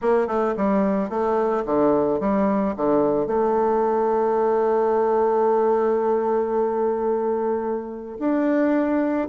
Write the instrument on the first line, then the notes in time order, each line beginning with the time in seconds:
bassoon
0.01 A#3
0.27 A3
0.57 G3
1.09 A3
1.65 D3
2.20 G3
2.76 D3
3.26 A3
8.19 D4